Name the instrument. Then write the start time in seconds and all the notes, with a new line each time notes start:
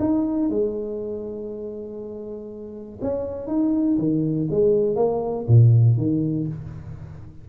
tuba
0.00 D#4
0.50 G#3
3.02 C#4
3.47 D#4
3.99 D#3
4.51 G#3
4.96 A#3
5.48 A#2
5.97 D#3